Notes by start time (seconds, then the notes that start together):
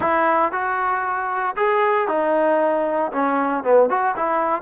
0.00 E4
0.52 F#4
1.56 G#4
2.08 D#4
3.12 C#4
3.63 B3
3.89 F#4
4.16 E4